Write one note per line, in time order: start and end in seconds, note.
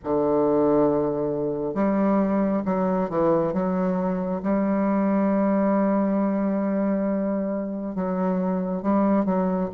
0.04 1.74 D3
1.74 2.62 G3
2.65 3.09 F#3
3.09 3.53 E3
3.53 4.41 F#3
4.42 7.95 G3
7.95 8.82 F#3
8.82 9.24 G3
9.24 9.69 F#3